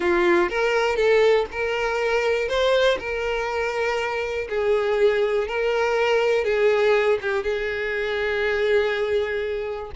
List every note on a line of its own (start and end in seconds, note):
0.00 0.49 F4
0.49 0.96 A#4
0.96 1.45 A4
1.51 2.48 A#4
2.48 2.98 C5
2.99 4.47 A#4
4.49 5.47 G#4
5.47 6.44 A#4
6.44 7.19 G#4
7.21 7.43 G4
7.43 9.91 G#4